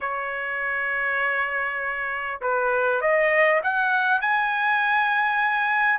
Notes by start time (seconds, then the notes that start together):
0.00 C#5
2.41 B4
3.01 D#5
3.63 F#5
4.21 G#5